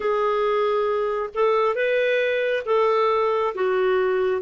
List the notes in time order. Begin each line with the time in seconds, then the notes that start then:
0.00 G#4
1.34 A4
1.74 B4
2.65 A4
3.55 F#4